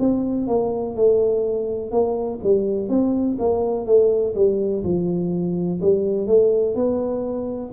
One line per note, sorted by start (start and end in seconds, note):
0.00 0.48 C4
0.48 0.96 A#3
0.96 1.91 A3
1.91 2.40 A#3
2.44 2.89 G3
2.89 3.38 C4
3.39 3.86 A#3
3.86 4.35 A3
4.35 4.83 G3
4.84 5.81 F3
5.82 6.27 G3
6.27 6.76 A3
6.76 7.72 B3